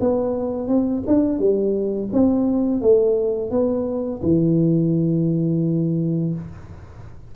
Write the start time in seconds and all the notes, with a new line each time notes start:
0.00 B3
0.67 C4
1.07 D4
1.39 G3
2.12 C4
2.81 A3
3.50 B3
4.22 E3